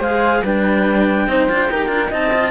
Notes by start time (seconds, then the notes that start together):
0.00 G#3 G#4 C5 F5
0.43 G3 D4 B4 G5
1.27 C4 D#4 C5
1.49 D4 F4
1.69 D#4 G4 A#4
1.88 D4 F4
2.09 C4 D#4 D#5 A5
2.33 F4